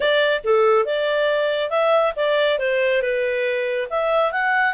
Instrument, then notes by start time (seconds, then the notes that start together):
clarinet
0.00 D5
0.43 A4
0.85 D5
1.70 E5
2.16 D5
2.59 C5
3.01 B4
3.90 E5
4.32 F#5